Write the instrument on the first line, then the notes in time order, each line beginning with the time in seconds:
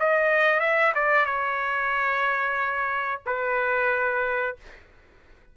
trumpet
0.00 D#5
0.60 E5
0.95 D5
1.26 C#5
3.26 B4